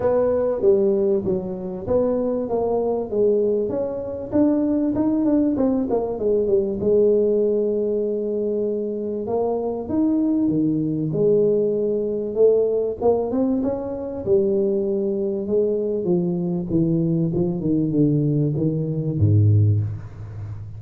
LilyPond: \new Staff \with { instrumentName = "tuba" } { \time 4/4 \tempo 4 = 97 b4 g4 fis4 b4 | ais4 gis4 cis'4 d'4 | dis'8 d'8 c'8 ais8 gis8 g8 gis4~ | gis2. ais4 |
dis'4 dis4 gis2 | a4 ais8 c'8 cis'4 g4~ | g4 gis4 f4 e4 | f8 dis8 d4 dis4 gis,4 | }